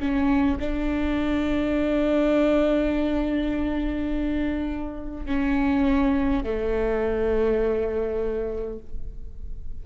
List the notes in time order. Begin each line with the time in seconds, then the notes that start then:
0.00 C#4
0.60 D4
5.26 C#4
6.44 A3